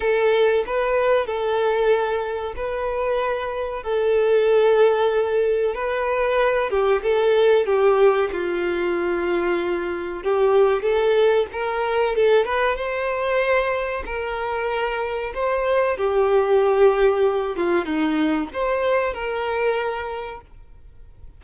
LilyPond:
\new Staff \with { instrumentName = "violin" } { \time 4/4 \tempo 4 = 94 a'4 b'4 a'2 | b'2 a'2~ | a'4 b'4. g'8 a'4 | g'4 f'2. |
g'4 a'4 ais'4 a'8 b'8 | c''2 ais'2 | c''4 g'2~ g'8 f'8 | dis'4 c''4 ais'2 | }